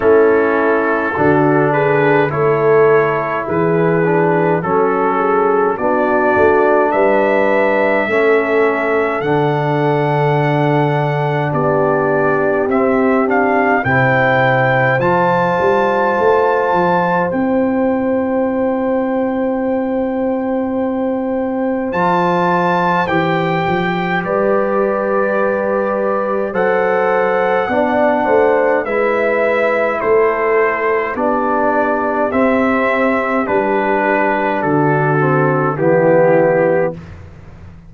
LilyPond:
<<
  \new Staff \with { instrumentName = "trumpet" } { \time 4/4 \tempo 4 = 52 a'4. b'8 cis''4 b'4 | a'4 d''4 e''2 | fis''2 d''4 e''8 f''8 | g''4 a''2 g''4~ |
g''2. a''4 | g''4 d''2 fis''4~ | fis''4 e''4 c''4 d''4 | e''4 b'4 a'4 g'4 | }
  \new Staff \with { instrumentName = "horn" } { \time 4/4 e'4 fis'8 gis'8 a'4 gis'4 | a'8 gis'8 fis'4 b'4 a'4~ | a'2 g'2 | c''1~ |
c''1~ | c''4 b'2 c''4 | d''8 c''8 b'4 a'4 g'4~ | g'2 fis'4 e'4 | }
  \new Staff \with { instrumentName = "trombone" } { \time 4/4 cis'4 d'4 e'4. d'8 | cis'4 d'2 cis'4 | d'2. c'8 d'8 | e'4 f'2 e'4~ |
e'2. f'4 | g'2. a'4 | d'4 e'2 d'4 | c'4 d'4. c'8 b4 | }
  \new Staff \with { instrumentName = "tuba" } { \time 4/4 a4 d4 a4 e4 | fis4 b8 a8 g4 a4 | d2 b4 c'4 | c4 f8 g8 a8 f8 c'4~ |
c'2. f4 | e8 f8 g2 fis4 | b8 a8 gis4 a4 b4 | c'4 g4 d4 e4 | }
>>